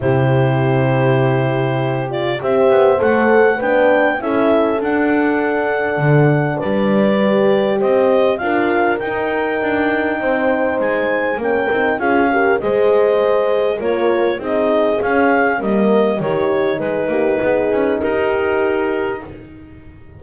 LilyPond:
<<
  \new Staff \with { instrumentName = "clarinet" } { \time 4/4 \tempo 4 = 100 c''2.~ c''8 d''8 | e''4 fis''4 g''4 e''4 | fis''2. d''4~ | d''4 dis''4 f''4 g''4~ |
g''2 gis''4 g''4 | f''4 dis''2 cis''4 | dis''4 f''4 dis''4 cis''4 | b'2 ais'2 | }
  \new Staff \with { instrumentName = "horn" } { \time 4/4 g'1 | c''2 b'4 a'4~ | a'2. b'4~ | b'4 c''4 ais'2~ |
ais'4 c''2 ais'4 | gis'8 ais'8 c''2 ais'4 | gis'2 ais'4 g'4 | gis'8 g'8 gis'4 g'2 | }
  \new Staff \with { instrumentName = "horn" } { \time 4/4 e'2.~ e'8 f'8 | g'4 a'4 d'4 e'4 | d'1 | g'2 f'4 dis'4~ |
dis'2. cis'8 dis'8 | f'8 g'8 gis'2 f'4 | dis'4 cis'4 ais4 dis'4~ | dis'1 | }
  \new Staff \with { instrumentName = "double bass" } { \time 4/4 c1 | c'8 b8 a4 b4 cis'4 | d'2 d4 g4~ | g4 c'4 d'4 dis'4 |
d'4 c'4 gis4 ais8 c'8 | cis'4 gis2 ais4 | c'4 cis'4 g4 dis4 | gis8 ais8 b8 cis'8 dis'2 | }
>>